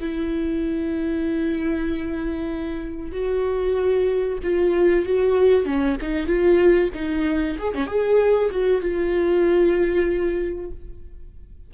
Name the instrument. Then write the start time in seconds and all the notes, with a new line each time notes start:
viola
0.00 E4
3.12 F#4
4.43 F4
5.05 F#4
5.65 C#4
6.01 D#4
6.26 F4
6.94 D#4
7.58 G#4
7.74 C#4
7.86 G#4
8.51 F#4
8.81 F4